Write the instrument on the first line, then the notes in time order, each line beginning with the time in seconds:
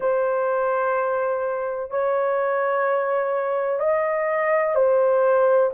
horn
0.00 C5
1.90 C#5
3.79 D#5
4.75 C5